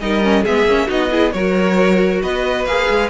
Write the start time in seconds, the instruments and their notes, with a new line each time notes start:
0.00 cello G3, viola D#4, violin A#4 D#5
0.22 viola C#4
0.43 cello G#3, viola B3, violin G#4 E5
0.65 cello A#3, viola C#4
0.87 cello B3, viola D#4, violin F#4 D#5
1.10 viola E4, violin G#4
1.32 cello F#3, viola F#4, violin A#4 C#5
2.22 cello B3, violin B4 D#5
2.65 cello A#3, viola G#4, violin F5
2.89 cello G#3